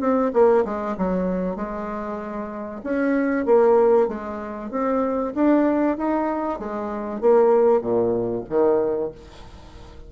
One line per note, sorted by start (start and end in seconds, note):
0.00 0.31 C4
0.33 0.64 A#3
0.64 0.96 G#3
0.97 1.56 F#3
1.56 2.81 G#3
2.84 3.45 C#4
3.45 4.08 A#3
4.08 4.70 G#3
4.71 5.33 C4
5.35 5.97 D4
5.97 6.59 D#4
6.59 7.20 G#3
7.20 7.81 A#3
7.81 8.44 A#2
8.49 9.12 D#3